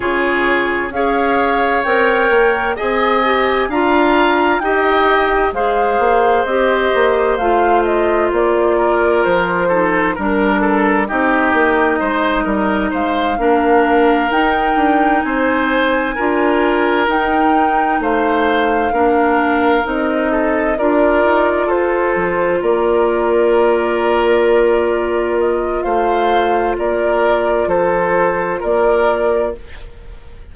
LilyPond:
<<
  \new Staff \with { instrumentName = "flute" } { \time 4/4 \tempo 4 = 65 cis''4 f''4 g''4 gis''4 | ais''4 g''4 f''4 dis''4 | f''8 dis''8 d''4 c''4 ais'4 | dis''2 f''4. g''8~ |
g''8 gis''2 g''4 f''8~ | f''4. dis''4 d''4 c''8~ | c''8 d''2. dis''8 | f''4 d''4 c''4 d''4 | }
  \new Staff \with { instrumentName = "oboe" } { \time 4/4 gis'4 cis''2 dis''4 | f''4 dis''4 c''2~ | c''4. ais'4 a'8 ais'8 a'8 | g'4 c''8 ais'8 c''8 ais'4.~ |
ais'8 c''4 ais'2 c''8~ | c''8 ais'4. a'8 ais'4 a'8~ | a'8 ais'2.~ ais'8 | c''4 ais'4 a'4 ais'4 | }
  \new Staff \with { instrumentName = "clarinet" } { \time 4/4 f'4 gis'4 ais'4 gis'8 g'8 | f'4 g'4 gis'4 g'4 | f'2~ f'8 dis'8 d'4 | dis'2~ dis'8 d'4 dis'8~ |
dis'4. f'4 dis'4.~ | dis'8 d'4 dis'4 f'4.~ | f'1~ | f'1 | }
  \new Staff \with { instrumentName = "bassoon" } { \time 4/4 cis4 cis'4 c'8 ais8 c'4 | d'4 dis'4 gis8 ais8 c'8 ais8 | a4 ais4 f4 g4 | c'8 ais8 gis8 g8 gis8 ais4 dis'8 |
d'8 c'4 d'4 dis'4 a8~ | a8 ais4 c'4 d'8 dis'8 f'8 | f8 ais2.~ ais8 | a4 ais4 f4 ais4 | }
>>